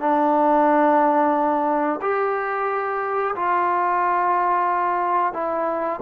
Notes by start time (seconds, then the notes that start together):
0.00 D4
2.01 G4
3.35 F4
5.33 E4